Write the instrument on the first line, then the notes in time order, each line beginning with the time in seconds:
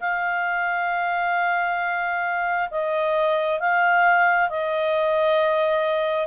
clarinet
0.00 F5
2.71 D#5
3.60 F5
4.49 D#5